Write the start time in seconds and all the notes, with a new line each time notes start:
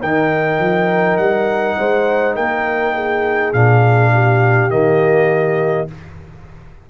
0.00 D#3 D#4 A#4 G5
0.59 F3
1.17 G3 F#5
1.78 G#3 C5
2.35 A#3 A#4 G5
2.94 G#4
3.53 A#2 D4 F5
4.13 G4
4.70 D#3 A#3 D#5